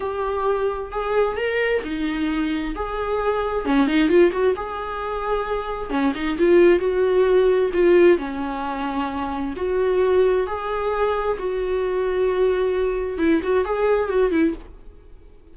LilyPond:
\new Staff \with { instrumentName = "viola" } { \time 4/4 \tempo 4 = 132 g'2 gis'4 ais'4 | dis'2 gis'2 | cis'8 dis'8 f'8 fis'8 gis'2~ | gis'4 cis'8 dis'8 f'4 fis'4~ |
fis'4 f'4 cis'2~ | cis'4 fis'2 gis'4~ | gis'4 fis'2.~ | fis'4 e'8 fis'8 gis'4 fis'8 e'8 | }